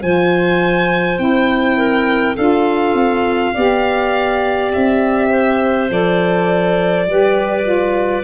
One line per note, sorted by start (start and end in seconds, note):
0.00 1.18 F3
0.00 1.16 F4
0.00 1.77 C5
0.00 1.18 G#5
1.16 2.36 C4
1.16 2.34 E4
1.16 2.36 G5
1.77 2.35 A#4
2.35 2.93 D4
2.35 3.54 F4
2.35 3.53 A4
2.35 4.71 F5
2.93 3.52 C4
3.53 4.74 B3
3.53 5.88 G4
3.53 5.29 D5
4.72 5.90 C4
4.72 5.90 E5
5.29 7.06 C5
5.88 7.07 F3
5.88 7.06 A4
5.88 8.24 D5
7.06 8.24 G3
7.06 7.62 G4
7.06 8.24 B4
7.62 8.21 F4